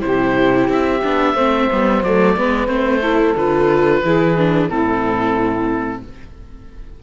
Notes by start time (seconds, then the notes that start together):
0.00 C3 E4 G4 C5
0.68 C4 E5
1.03 B3 D4
1.34 A3 C4 C5
1.70 G3 B3
2.03 F#3 A3 D5
2.37 G#3 B3 B4
2.66 A3 C4 C5
2.99 E4 A4
3.36 D3 F4 B4
4.04 E3 E4 G#4
4.37 D4
4.69 A2 C4 E4 A4